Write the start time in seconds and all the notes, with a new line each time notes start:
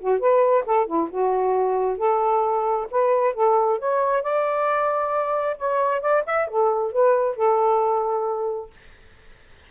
0.00 F#4
0.20 B4
0.66 A4
0.86 E4
1.11 F#4
1.98 A4
2.91 B4
3.34 A4
3.79 C#5
4.23 D5
5.58 C#5
6.01 D5
6.26 E5
6.48 A4
6.92 B4
7.36 A4